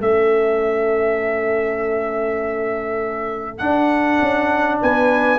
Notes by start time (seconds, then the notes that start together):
0.00 A3 C#4 A4 E5
3.58 D4 F#5
4.22 C#4
4.81 B3 B4 G#5